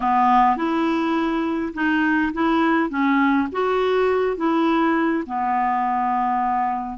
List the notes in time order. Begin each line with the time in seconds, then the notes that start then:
0.00 B3
0.56 E4
1.74 D#4
2.33 E4
2.89 C#4
3.52 F#4
4.36 E4
5.26 B3